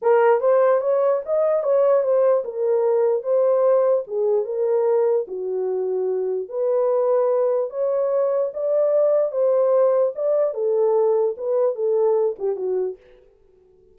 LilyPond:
\new Staff \with { instrumentName = "horn" } { \time 4/4 \tempo 4 = 148 ais'4 c''4 cis''4 dis''4 | cis''4 c''4 ais'2 | c''2 gis'4 ais'4~ | ais'4 fis'2. |
b'2. cis''4~ | cis''4 d''2 c''4~ | c''4 d''4 a'2 | b'4 a'4. g'8 fis'4 | }